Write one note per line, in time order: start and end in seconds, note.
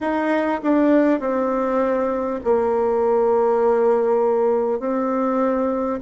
0.01 0.61 D#4
0.62 1.20 D4
1.20 2.40 C4
2.43 4.79 A#3
4.79 5.99 C4